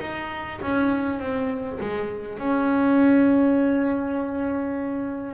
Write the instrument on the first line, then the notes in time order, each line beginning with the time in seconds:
double bass
0.00 D#4
0.62 C#4
1.19 C4
1.80 G#3
2.39 C#4